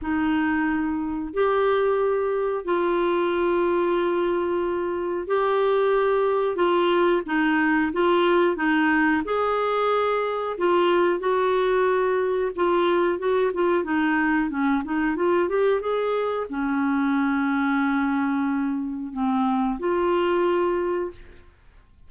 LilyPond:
\new Staff \with { instrumentName = "clarinet" } { \time 4/4 \tempo 4 = 91 dis'2 g'2 | f'1 | g'2 f'4 dis'4 | f'4 dis'4 gis'2 |
f'4 fis'2 f'4 | fis'8 f'8 dis'4 cis'8 dis'8 f'8 g'8 | gis'4 cis'2.~ | cis'4 c'4 f'2 | }